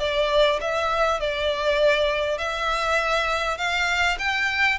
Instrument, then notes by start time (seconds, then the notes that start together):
violin
0.00 D5
0.61 E5
1.21 D5
2.39 E5
3.58 F5
4.19 G5